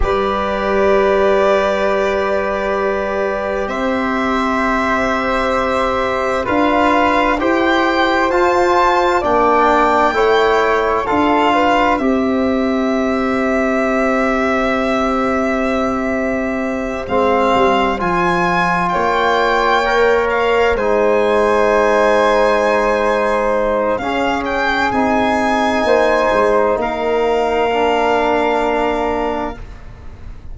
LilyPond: <<
  \new Staff \with { instrumentName = "violin" } { \time 4/4 \tempo 4 = 65 d''1 | e''2. f''4 | g''4 a''4 g''2 | f''4 e''2.~ |
e''2~ e''8 f''4 gis''8~ | gis''8 g''4. f''8 gis''4.~ | gis''2 f''8 g''8 gis''4~ | gis''4 f''2. | }
  \new Staff \with { instrumentName = "flute" } { \time 4/4 b'1 | c''2. b'4 | c''2 d''4 cis''4 | a'8 b'8 c''2.~ |
c''1~ | c''8 cis''2 c''4.~ | c''2 gis'2 | c''4 ais'2. | }
  \new Staff \with { instrumentName = "trombone" } { \time 4/4 g'1~ | g'2. f'4 | g'4 f'4 d'4 e'4 | f'4 g'2.~ |
g'2~ g'8 c'4 f'8~ | f'4. ais'4 dis'4.~ | dis'2 cis'4 dis'4~ | dis'2 d'2 | }
  \new Staff \with { instrumentName = "tuba" } { \time 4/4 g1 | c'2. d'4 | e'4 f'4 ais4 a4 | d'4 c'2.~ |
c'2~ c'8 gis8 g8 f8~ | f8 ais2 gis4.~ | gis2 cis'4 c'4 | ais8 gis8 ais2. | }
>>